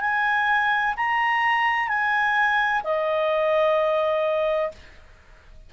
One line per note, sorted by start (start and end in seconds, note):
0.00 0.94 G#5
0.96 1.88 A#5
1.88 2.82 G#5
2.84 4.71 D#5